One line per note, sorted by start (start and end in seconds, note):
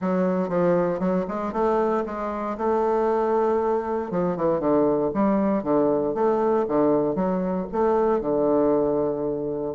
0.01 0.48 F#3
0.48 0.99 F3
0.99 1.25 F#3
1.28 1.52 G#3
1.52 2.03 A3
2.05 2.57 G#3
2.57 4.10 A3
4.10 4.36 F3
4.36 4.59 E3
4.59 5.10 D3
5.14 5.63 G3
5.63 6.14 D3
6.14 6.65 A3
6.68 7.15 D3
7.15 7.66 F#3
7.72 8.21 A3
8.21 9.74 D3